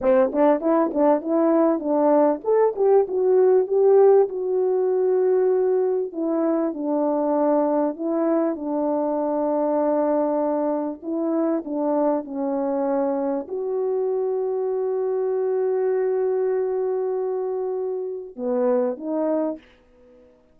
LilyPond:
\new Staff \with { instrumentName = "horn" } { \time 4/4 \tempo 4 = 98 c'8 d'8 e'8 d'8 e'4 d'4 | a'8 g'8 fis'4 g'4 fis'4~ | fis'2 e'4 d'4~ | d'4 e'4 d'2~ |
d'2 e'4 d'4 | cis'2 fis'2~ | fis'1~ | fis'2 b4 dis'4 | }